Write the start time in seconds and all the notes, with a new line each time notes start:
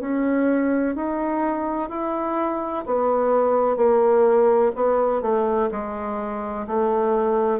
0.00 C#4
0.95 D#4
1.90 E4
2.86 B3
3.77 A#3
4.75 B3
5.22 A3
5.71 G#3
6.67 A3